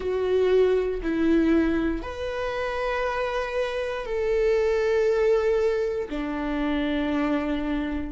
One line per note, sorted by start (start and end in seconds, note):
0.00 1.01 F#4
1.02 2.02 E4
2.02 4.05 B4
4.05 6.08 A4
6.09 8.12 D4